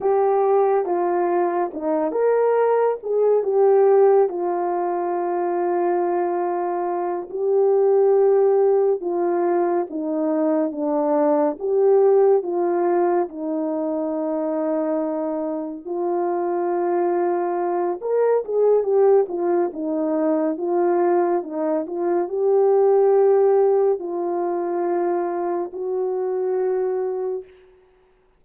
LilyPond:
\new Staff \with { instrumentName = "horn" } { \time 4/4 \tempo 4 = 70 g'4 f'4 dis'8 ais'4 gis'8 | g'4 f'2.~ | f'8 g'2 f'4 dis'8~ | dis'8 d'4 g'4 f'4 dis'8~ |
dis'2~ dis'8 f'4.~ | f'4 ais'8 gis'8 g'8 f'8 dis'4 | f'4 dis'8 f'8 g'2 | f'2 fis'2 | }